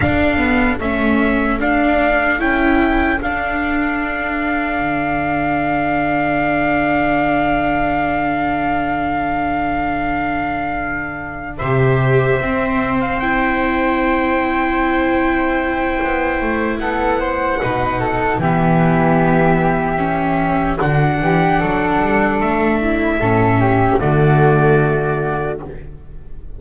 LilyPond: <<
  \new Staff \with { instrumentName = "trumpet" } { \time 4/4 \tempo 4 = 75 f''4 e''4 f''4 g''4 | f''1~ | f''1~ | f''2~ f''8 e''4.~ |
e''16 f''16 g''2.~ g''8~ | g''4 fis''2 e''4~ | e''2 fis''2 | e''2 d''2 | }
  \new Staff \with { instrumentName = "flute" } { \time 4/4 a'1~ | a'1~ | a'1~ | a'2~ a'8 c''4.~ |
c''1~ | c''4 a'8 c''8 b'8 a'8 g'4~ | g'2 fis'8 g'8 a'4~ | a'8 e'8 a'8 g'8 fis'2 | }
  \new Staff \with { instrumentName = "viola" } { \time 4/4 d'8 b8 cis'4 d'4 e'4 | d'1~ | d'1~ | d'2~ d'8 g'4 c'8~ |
c'8 e'2.~ e'8~ | e'2 dis'4 b4~ | b4 cis'4 d'2~ | d'4 cis'4 a2 | }
  \new Staff \with { instrumentName = "double bass" } { \time 4/4 d'4 a4 d'4 cis'4 | d'2 d2~ | d1~ | d2~ d8 c4 c'8~ |
c'1 | b8 a8 b4 b,4 e4~ | e2 d8 e8 fis8 g8 | a4 a,4 d2 | }
>>